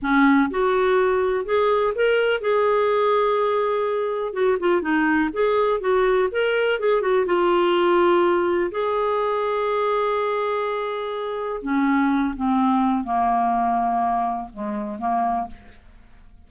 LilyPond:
\new Staff \with { instrumentName = "clarinet" } { \time 4/4 \tempo 4 = 124 cis'4 fis'2 gis'4 | ais'4 gis'2.~ | gis'4 fis'8 f'8 dis'4 gis'4 | fis'4 ais'4 gis'8 fis'8 f'4~ |
f'2 gis'2~ | gis'1 | cis'4. c'4. ais4~ | ais2 gis4 ais4 | }